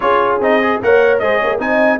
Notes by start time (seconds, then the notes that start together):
0.00 C#4 F4 G#4 C#5
0.39 C4 D#4 D#5
0.62 G#4
0.82 A#3 A#4 C#5 F#5
1.19 G#3 G#4 C5 D#5
1.37 C#5
1.43 A#3
1.59 C4 D#4 D#5 G#5